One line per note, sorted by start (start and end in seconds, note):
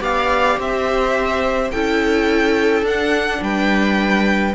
0.00 0.57 B3
0.00 1.70 G4
0.00 0.58 D5
0.00 0.59 F5
0.57 1.70 C4
0.57 1.72 C5
0.57 1.71 E5
1.71 2.82 C#4
1.71 2.85 E4
1.71 3.42 A4
1.71 2.84 G5
2.82 3.38 D4
2.82 4.54 D4
2.82 3.43 F#5
3.41 4.54 G3
3.41 4.54 B4
3.41 4.54 G5